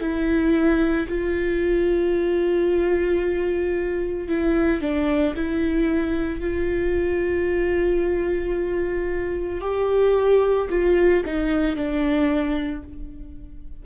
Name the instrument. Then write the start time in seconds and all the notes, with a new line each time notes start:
viola
0.00 E4
1.08 F4
4.28 E4
4.81 D4
5.35 E4
6.40 F4
9.61 G4
10.69 F4
11.25 D#4
11.76 D4